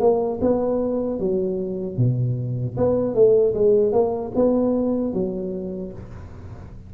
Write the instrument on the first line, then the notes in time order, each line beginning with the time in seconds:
tuba
0.00 A#3
0.42 B3
1.20 F#3
1.97 B2
2.77 B3
3.15 A3
3.55 G#3
3.93 A#3
4.36 B3
5.14 F#3